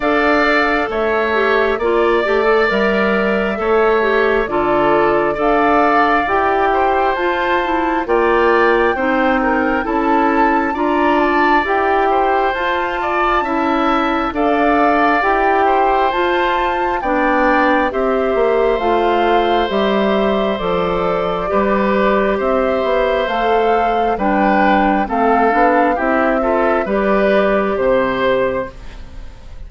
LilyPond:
<<
  \new Staff \with { instrumentName = "flute" } { \time 4/4 \tempo 4 = 67 f''4 e''4 d''4 e''4~ | e''4 d''4 f''4 g''4 | a''4 g''2 a''4 | ais''8 a''8 g''4 a''2 |
f''4 g''4 a''4 g''4 | e''4 f''4 e''4 d''4~ | d''4 e''4 f''4 g''4 | f''4 e''4 d''4 c''4 | }
  \new Staff \with { instrumentName = "oboe" } { \time 4/4 d''4 cis''4 d''2 | cis''4 a'4 d''4. c''8~ | c''4 d''4 c''8 ais'8 a'4 | d''4. c''4 d''8 e''4 |
d''4. c''4. d''4 | c''1 | b'4 c''2 b'4 | a'4 g'8 a'8 b'4 c''4 | }
  \new Staff \with { instrumentName = "clarinet" } { \time 4/4 a'4. g'8 f'8 g'16 a'16 ais'4 | a'8 g'8 f'4 a'4 g'4 | f'8 e'8 f'4 dis'4 e'4 | f'4 g'4 f'4 e'4 |
a'4 g'4 f'4 d'4 | g'4 f'4 g'4 a'4 | g'2 a'4 d'4 | c'8 d'8 e'8 f'8 g'2 | }
  \new Staff \with { instrumentName = "bassoon" } { \time 4/4 d'4 a4 ais8 a8 g4 | a4 d4 d'4 e'4 | f'4 ais4 c'4 cis'4 | d'4 e'4 f'4 cis'4 |
d'4 e'4 f'4 b4 | c'8 ais8 a4 g4 f4 | g4 c'8 b8 a4 g4 | a8 b8 c'4 g4 c4 | }
>>